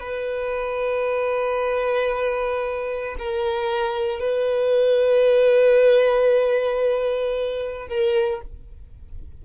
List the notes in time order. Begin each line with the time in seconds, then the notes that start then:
0.00 B4
3.19 A#4
4.19 B4
7.89 A#4